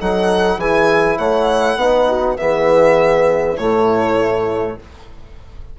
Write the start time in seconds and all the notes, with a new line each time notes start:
0.00 F#3 D#4 A4 F#5
0.57 E3 E4 G#4 G#5
1.17 A3 C#5 F#5
1.75 B3 D#4 B4
2.08 F#4
2.37 E3 B3 G#4 E5
3.57 A2 A3 E4 C#5